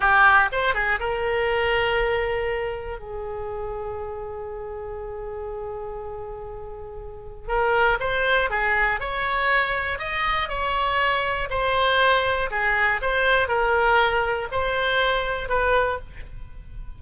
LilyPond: \new Staff \with { instrumentName = "oboe" } { \time 4/4 \tempo 4 = 120 g'4 c''8 gis'8 ais'2~ | ais'2 gis'2~ | gis'1~ | gis'2. ais'4 |
c''4 gis'4 cis''2 | dis''4 cis''2 c''4~ | c''4 gis'4 c''4 ais'4~ | ais'4 c''2 b'4 | }